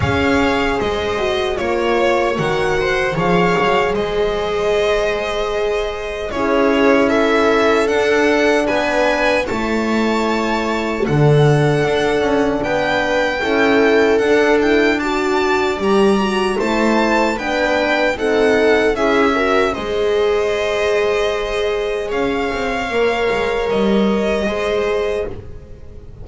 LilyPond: <<
  \new Staff \with { instrumentName = "violin" } { \time 4/4 \tempo 4 = 76 f''4 dis''4 cis''4 fis''4 | f''4 dis''2. | cis''4 e''4 fis''4 gis''4 | a''2 fis''2 |
g''2 fis''8 g''8 a''4 | ais''4 a''4 g''4 fis''4 | e''4 dis''2. | f''2 dis''2 | }
  \new Staff \with { instrumentName = "viola" } { \time 4/4 cis''4 c''4 cis''4. c''8 | cis''4 c''2. | gis'4 a'2 b'4 | cis''2 a'2 |
b'4 a'2 d''4~ | d''4 c''4 b'4 a'4 | gis'8 ais'8 c''2. | cis''2. c''4 | }
  \new Staff \with { instrumentName = "horn" } { \time 4/4 gis'4. fis'8 f'4 fis'4 | gis'1 | e'2 d'2 | e'2 d'2~ |
d'4 e'4 d'8 e'8 fis'4 | g'8 fis'8 e'4 d'4 dis'4 | e'8 fis'8 gis'2.~ | gis'4 ais'2 gis'4 | }
  \new Staff \with { instrumentName = "double bass" } { \time 4/4 cis'4 gis4 ais4 dis4 | f8 fis8 gis2. | cis'2 d'4 b4 | a2 d4 d'8 cis'8 |
b4 cis'4 d'2 | g4 a4 b4 c'4 | cis'4 gis2. | cis'8 c'8 ais8 gis8 g4 gis4 | }
>>